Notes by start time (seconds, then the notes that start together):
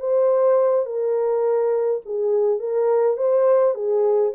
0.00 C5
0.86 A#4
2.06 G#4
2.60 A#4
3.17 C5
3.75 G#4